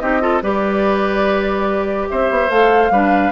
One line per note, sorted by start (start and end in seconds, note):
0.00 0.42 C4
0.00 0.21 D#4
0.00 0.22 G4
0.00 0.41 D#5
0.21 0.41 F4
0.21 0.43 A4
0.42 2.08 G3
0.42 2.50 G4
0.42 2.09 B4
0.42 2.09 D5
2.09 2.30 C4
2.09 2.92 C5
2.09 2.50 E5
2.30 2.50 B3
2.50 2.90 A3
2.50 2.92 A4
2.50 3.32 F5
2.90 3.32 G3
2.90 3.32 D4
2.90 3.32 B4